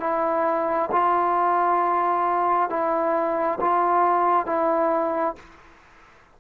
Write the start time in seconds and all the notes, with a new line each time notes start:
0.00 E4
0.92 F4
2.69 E4
3.60 F4
4.46 E4